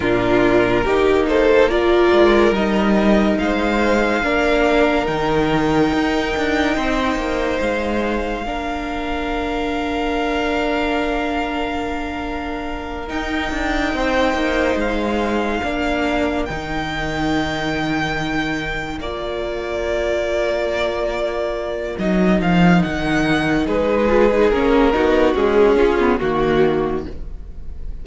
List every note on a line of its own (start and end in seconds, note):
0.00 0.84 A#2
0.00 0.86 D4
0.00 0.84 F4
0.00 1.26 A#4
0.84 2.12 A#3
0.84 1.69 D#4
0.84 1.26 G4
1.28 1.71 A4
1.28 1.69 C5
1.69 2.54 F4
1.69 3.40 A#4
1.69 2.54 D5
2.12 2.51 G#3
2.51 3.35 G3
2.51 4.23 D#4
2.51 3.37 D#5
3.37 4.23 G#3
3.37 4.24 C5
3.37 5.07 F5
4.23 5.07 A#3
4.23 5.05 D4
4.23 6.74 A#4
5.05 5.92 D#3
5.05 8.43 D#4
5.05 7.60 G5
5.93 6.35 D#4
6.36 6.77 D4
6.74 7.15 C4
6.74 8.43 C5
7.15 7.58 A#3
7.60 8.44 G#3
7.60 13.08 F5
8.44 13.09 A#3
8.44 13.07 D4
8.44 13.95 A#4
13.07 15.61 D#4
13.07 13.51 D#4
13.07 14.77 G5
13.51 13.93 D4
13.93 14.34 C4
13.93 15.63 C5
14.34 14.75 A#3
14.75 15.59 G#3
14.75 16.45 F5
15.63 16.48 A#3
15.63 16.47 D4
15.63 23.65 A#4
16.45 18.99 D#3
16.45 19.03 D#4
16.45 18.98 G5
18.99 21.95 A#3
18.99 21.98 F4
18.99 21.96 D5
21.98 22.40 F#3
21.98 24.07 D#4
21.98 22.40 D#5
22.40 22.82 F3
22.40 22.82 F5
22.82 23.67 D#3
22.82 23.66 F#5
23.65 24.51 G#3
23.65 24.92 G#4
23.65 24.49 B4
24.07 24.29 F4
24.31 24.52 D#4
24.49 24.93 A#3
24.49 24.92 C#4
24.49 25.34 A#4
24.92 25.33 B3
24.92 25.35 D#4
24.92 25.76 F#4
25.33 25.76 G#3
25.33 26.18 C#4
25.33 26.19 G#4
25.76 25.98 C#4
25.76 26.18 F4
25.99 26.20 B3
26.18 27.06 D#3
26.18 27.05 A#3
26.18 27.02 F#4
26.18 27.05 F#4